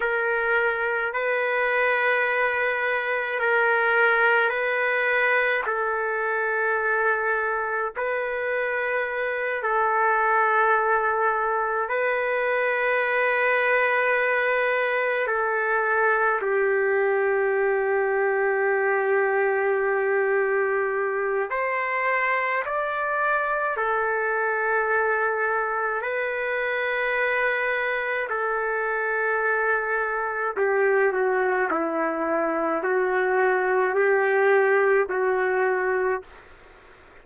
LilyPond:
\new Staff \with { instrumentName = "trumpet" } { \time 4/4 \tempo 4 = 53 ais'4 b'2 ais'4 | b'4 a'2 b'4~ | b'8 a'2 b'4.~ | b'4. a'4 g'4.~ |
g'2. c''4 | d''4 a'2 b'4~ | b'4 a'2 g'8 fis'8 | e'4 fis'4 g'4 fis'4 | }